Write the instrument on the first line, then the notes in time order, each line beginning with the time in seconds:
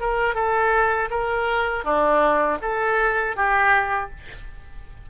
oboe
0.00 A#4
0.34 A4
1.10 A#4
1.84 D4
2.62 A4
3.36 G4